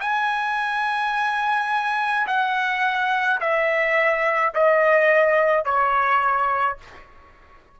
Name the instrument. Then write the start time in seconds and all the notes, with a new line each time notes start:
trumpet
0.00 G#5
2.27 F#5
3.40 E5
4.54 D#5
5.65 C#5